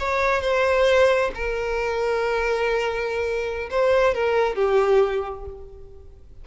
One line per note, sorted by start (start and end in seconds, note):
0.00 0.42 C#5
0.42 1.31 C5
1.35 3.70 A#4
3.71 4.15 C5
4.15 4.56 A#4
4.56 5.45 G4